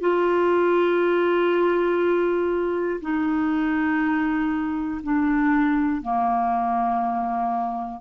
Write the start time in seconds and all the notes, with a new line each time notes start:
0.00 F4
3.01 D#4
5.03 D4
6.02 A#3